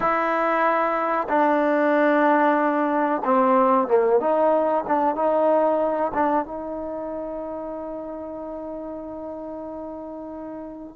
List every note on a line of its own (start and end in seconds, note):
0.00 1.27 E4
1.28 3.22 D4
3.24 3.87 C4
3.87 4.19 A#3
4.19 4.84 D#4
4.87 5.15 D4
5.15 6.11 D#4
6.14 6.45 D4
6.45 10.96 D#4